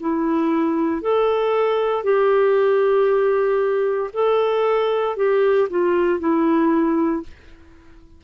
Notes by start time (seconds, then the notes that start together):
0.00 E4
1.02 A4
2.04 G4
4.13 A4
5.16 G4
5.70 F4
6.19 E4